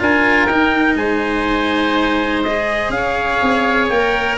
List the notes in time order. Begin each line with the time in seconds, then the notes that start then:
0.00 D4 F4 A#4 G#5
0.46 D#4 G5
0.95 G#3 C5 G#5
2.43 G#4 D#5
2.90 C#4 F5
2.96 C#5
3.42 C4
3.89 A#3 A#4 G5